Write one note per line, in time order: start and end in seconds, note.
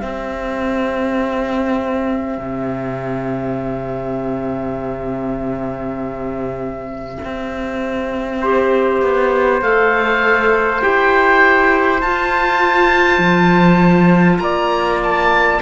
0.00 8.40 C4
0.00 2.38 C4
0.00 8.40 G4
0.00 9.60 E5
2.38 7.18 C3
7.25 9.02 C4
8.42 9.63 G4
8.42 14.42 C5
9.02 9.62 B3
9.62 10.82 A3
9.62 10.81 A4
9.62 10.83 F5
10.81 12.03 E4
10.81 12.02 G4
10.81 12.02 G5
12.02 13.19 F4
12.02 15.62 F4
12.02 14.39 A5
13.19 14.38 F3
14.39 15.60 A#3
14.39 15.62 D5
14.39 14.99 A#5
15.04 15.62 A5